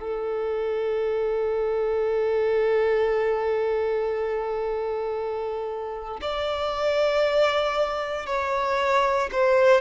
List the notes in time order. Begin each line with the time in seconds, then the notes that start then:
0.00 A4
6.21 D5
8.26 C#5
9.32 C5